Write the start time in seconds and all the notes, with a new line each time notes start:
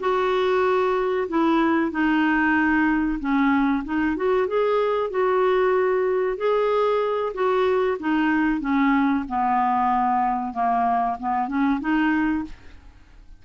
0.00 F#4
1.28 E4
1.91 D#4
3.19 C#4
3.84 D#4
4.16 F#4
4.47 G#4
5.10 F#4
6.37 G#4
7.34 F#4
7.99 D#4
8.60 C#4
9.28 B3
10.53 A#3
11.19 B3
11.48 C#4
11.80 D#4